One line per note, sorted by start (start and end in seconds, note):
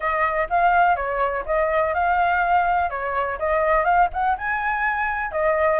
0.00 0.48 D#5
0.49 0.96 F5
0.96 1.44 C#5
1.45 1.94 D#5
1.94 2.89 F5
2.89 3.38 C#5
3.38 3.84 D#5
3.84 4.08 F5
4.13 4.37 F#5
4.37 5.31 G#5
5.31 5.79 D#5